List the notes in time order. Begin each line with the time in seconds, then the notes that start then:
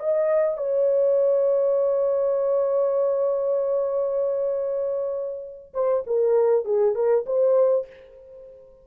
0.00 D#5
0.58 C#5
5.74 C5
6.07 A#4
6.65 G#4
6.95 A#4
7.26 C5